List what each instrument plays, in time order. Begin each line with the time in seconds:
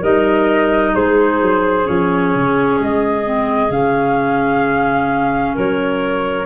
0.00 tuba G3, clarinet D#4 A#4, flute D#5
0.94 tuba G#3, clarinet G#4, flute C5
1.42 tuba F#3
1.85 tuba F3, clarinet C#4, flute C#5
2.35 tuba C#3
2.81 tuba G#3, flute D#5
3.24 clarinet C4
3.70 tuba C#3, clarinet C#4, flute F5
5.55 tuba F#3, clarinet A#4, flute C#5